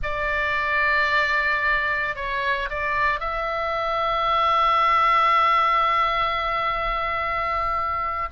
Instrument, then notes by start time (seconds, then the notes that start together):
oboe
0.03 D5
2.15 C#5
2.69 D5
3.19 E5